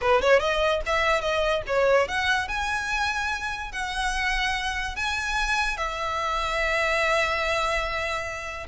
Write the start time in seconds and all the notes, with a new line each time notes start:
0.01 B4
0.21 C#5
0.39 D#5
0.85 E5
1.21 D#5
1.66 C#5
2.08 F#5
2.48 G#5
3.71 F#5
4.96 G#5
5.77 E5